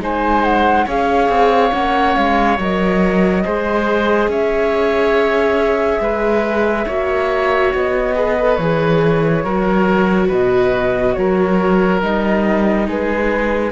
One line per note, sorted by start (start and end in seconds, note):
0.00 0.86 G#3
0.00 0.87 D#4
0.00 0.86 C5
0.00 0.44 G#5
0.44 0.87 F#5
0.86 1.29 C#4
0.86 1.72 G#4
0.86 3.43 C#5
0.86 1.73 F5
1.29 1.72 C4
1.72 2.16 A#3
1.72 2.57 C#4
1.72 2.15 F#5
2.15 2.59 G#3
2.15 2.58 F5
2.59 3.44 F#3
2.59 3.44 A#4
2.59 4.31 D#5
3.44 4.28 G#3
3.44 6.87 G#4
3.44 4.30 C5
4.28 5.99 C#4
4.28 6.02 C#5
4.28 7.74 E5
6.00 6.86 G#3
6.00 6.86 B4
6.86 7.73 A#3
6.86 8.15 F#4
6.86 8.15 C#5
7.74 8.58 B3
7.74 8.56 D#5
8.15 8.36 G#4
8.15 9.44 B4
8.39 8.60 A4
8.56 9.44 E3
8.56 9.45 G#4
8.56 10.28 C#5
9.44 10.30 F#3
9.44 12.02 F#4
9.44 10.28 A#4
10.28 11.17 B2
10.28 11.14 B4
10.28 11.14 D#5
11.14 12.02 F#3
11.14 12.88 A#4
11.14 12.00 C#5
12.02 12.87 G3
12.02 13.72 D#4
12.02 12.88 D#5
12.87 13.72 G#3
12.87 13.72 G#4
12.87 13.72 B4